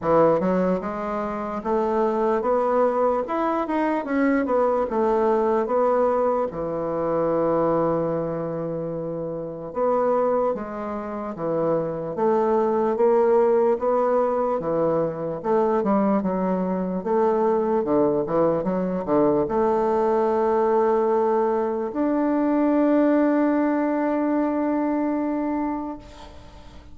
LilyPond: \new Staff \with { instrumentName = "bassoon" } { \time 4/4 \tempo 4 = 74 e8 fis8 gis4 a4 b4 | e'8 dis'8 cis'8 b8 a4 b4 | e1 | b4 gis4 e4 a4 |
ais4 b4 e4 a8 g8 | fis4 a4 d8 e8 fis8 d8 | a2. d'4~ | d'1 | }